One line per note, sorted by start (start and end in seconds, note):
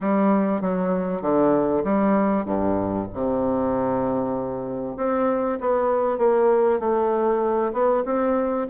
0.00 0.61 G3
0.61 1.21 F#3
1.21 1.83 D3
1.84 2.45 G3
2.45 3.07 G2
3.13 4.97 C3
4.97 5.58 C4
5.60 6.18 B3
6.18 6.79 A#3
6.79 7.72 A3
7.72 8.03 B3
8.05 8.67 C4